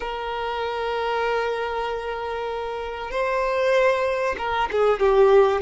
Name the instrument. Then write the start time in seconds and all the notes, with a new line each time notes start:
violin
0.00 A#4
3.10 C5
4.38 A#4
4.71 G#4
4.99 G4